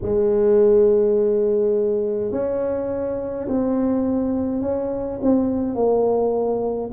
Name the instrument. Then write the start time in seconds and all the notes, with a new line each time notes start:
tuba
0.02 G#3
2.31 C#4
3.48 C4
4.62 C#4
5.22 C4
5.74 A#3